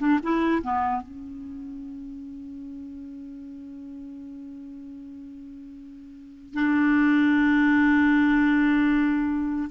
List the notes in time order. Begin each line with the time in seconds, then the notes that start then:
0.00 D4
0.23 E4
0.64 B3
1.02 C#4
6.54 D4